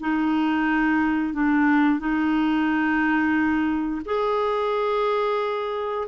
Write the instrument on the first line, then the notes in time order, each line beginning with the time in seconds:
clarinet
0.00 D#4
1.33 D4
1.99 D#4
4.05 G#4